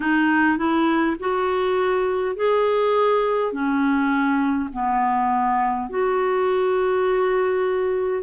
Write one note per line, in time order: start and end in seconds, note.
0.00 0.57 D#4
0.57 1.16 E4
1.19 2.35 F#4
2.35 3.52 G#4
3.52 4.70 C#4
4.72 5.89 B3
5.89 8.22 F#4